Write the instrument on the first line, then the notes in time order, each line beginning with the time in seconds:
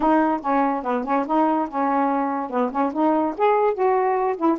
saxophone
0.00 D#4
0.41 C#4
0.83 B3
1.04 C#4
1.27 D#4
1.69 C#4
2.50 B3
2.71 C#4
2.93 D#4
3.37 G#4
3.73 F#4
4.37 E4